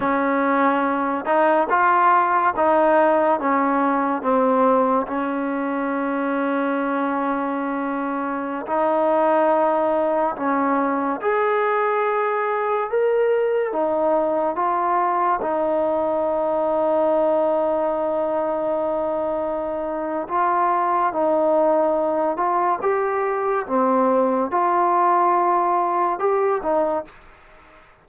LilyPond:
\new Staff \with { instrumentName = "trombone" } { \time 4/4 \tempo 4 = 71 cis'4. dis'8 f'4 dis'4 | cis'4 c'4 cis'2~ | cis'2~ cis'16 dis'4.~ dis'16~ | dis'16 cis'4 gis'2 ais'8.~ |
ais'16 dis'4 f'4 dis'4.~ dis'16~ | dis'1 | f'4 dis'4. f'8 g'4 | c'4 f'2 g'8 dis'8 | }